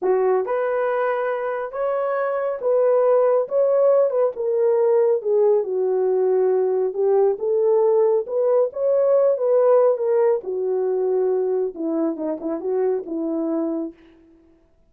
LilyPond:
\new Staff \with { instrumentName = "horn" } { \time 4/4 \tempo 4 = 138 fis'4 b'2. | cis''2 b'2 | cis''4. b'8 ais'2 | gis'4 fis'2. |
g'4 a'2 b'4 | cis''4. b'4. ais'4 | fis'2. e'4 | dis'8 e'8 fis'4 e'2 | }